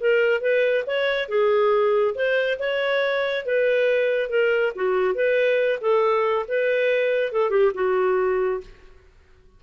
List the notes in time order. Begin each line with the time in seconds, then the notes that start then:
0.00 A#4
0.41 B4
0.87 C#5
1.29 G#4
2.15 C5
2.59 C#5
3.46 B4
4.30 A#4
4.75 F#4
5.14 B4
5.81 A4
6.48 B4
7.32 A4
7.50 G4
7.74 F#4